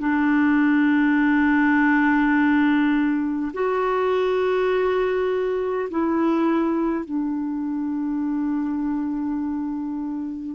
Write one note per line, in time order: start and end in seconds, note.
0.00 3.53 D4
3.54 5.89 F#4
5.90 7.05 E4
7.05 10.56 D4